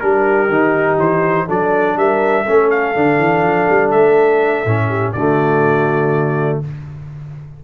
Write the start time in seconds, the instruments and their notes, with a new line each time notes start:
0.00 tuba G3, trombone D4, horn G4, trumpet A#4
0.49 tuba D#3, trombone D#4
0.98 tuba E3, trumpet C5
1.47 tuba F#3, trombone D4, horn A4, trumpet D5
1.97 tuba G3, horn A#4, trumpet E5
2.43 tuba A3, trombone C#4, horn A4
2.70 trumpet F5
2.95 tuba D3, trombone D4
3.18 tuba E3
3.42 tuba F3
3.69 tuba G3
3.91 tuba A3, trumpet E5
4.65 tuba A2, trombone C#4
4.88 horn G4
5.12 tuba D3, trombone A3, horn F#4, trumpet D5